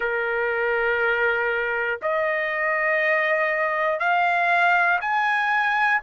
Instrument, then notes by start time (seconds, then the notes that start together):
trumpet
0.00 A#4
2.02 D#5
4.00 F5
5.00 G#5